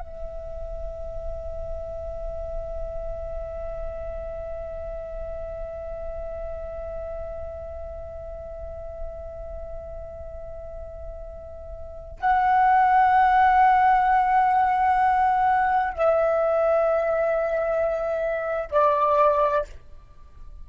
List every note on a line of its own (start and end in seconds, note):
0.00 12.19 E5
12.21 15.94 F#5
15.94 18.71 E5
18.71 19.65 D5